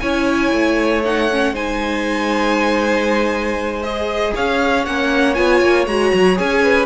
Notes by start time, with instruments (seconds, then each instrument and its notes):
0.00 cello C#4, viola E4, violin C#5 G#5
0.52 cello A3
1.05 viola D#4, violin F#5
1.31 viola C#4
1.53 cello G#3, viola D#4, violin C5 G#5
3.82 viola G#4, violin D#5
4.35 cello C#4, violin C#5 F5
4.85 cello A#3, viola C#4, violin F#5
5.34 cello B3, viola F4, violin G#5
5.61 cello A#3
5.86 cello G#3, viola F#4, violin A#5
6.14 cello F#3
6.36 cello C#4, viola G#4, violin G#5
6.63 violin B4